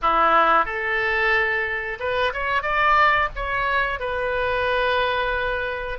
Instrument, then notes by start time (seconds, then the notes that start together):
oboe
0.02 E4
0.65 A4
1.99 B4
2.33 C#5
2.62 D5
3.35 C#5
3.99 B4